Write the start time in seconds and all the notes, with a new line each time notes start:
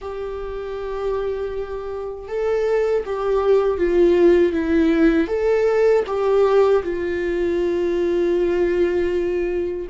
0.01 G4
2.28 A4
3.05 G4
3.77 F4
4.52 E4
5.27 A4
6.06 G4
6.83 F4